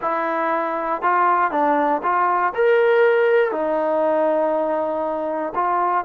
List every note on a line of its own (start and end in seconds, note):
0.01 1.02 E4
1.02 1.51 F4
1.51 2.01 D4
2.02 2.53 F4
2.54 3.51 A#4
3.51 5.53 D#4
5.54 6.05 F4